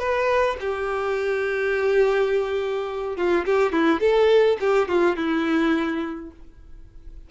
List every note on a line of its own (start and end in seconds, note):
0.00 0.57 B4
0.61 3.17 G4
3.17 3.45 F4
3.46 3.72 G4
3.72 4.01 E4
4.01 4.58 A4
4.61 4.89 G4
4.89 5.17 F4
5.17 6.31 E4